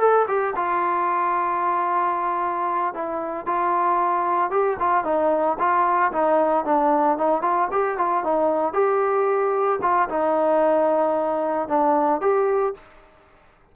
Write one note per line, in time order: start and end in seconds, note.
0.00 0.27 A4
0.28 0.55 G4
0.56 2.94 F4
2.94 3.47 E4
3.47 4.51 F4
4.51 4.77 G4
4.80 5.05 F4
5.05 5.58 D#4
5.59 6.12 F4
6.12 6.65 D#4
6.65 7.18 D4
7.18 7.42 D#4
7.42 7.68 F4
7.72 7.98 G4
7.98 8.24 F4
8.24 8.74 D#4
8.74 9.80 G4
9.82 10.09 F4
10.09 11.69 D#4
11.69 12.21 D4
12.21 12.74 G4